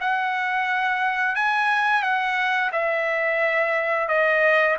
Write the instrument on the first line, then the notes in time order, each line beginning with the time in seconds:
trumpet
0.00 F#5
1.35 G#5
2.02 F#5
2.72 E5
4.08 D#5